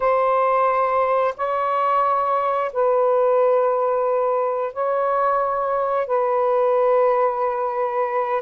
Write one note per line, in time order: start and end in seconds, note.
0.00 1.34 C5
1.37 2.72 C#5
2.72 4.73 B4
4.73 6.06 C#5
6.06 8.42 B4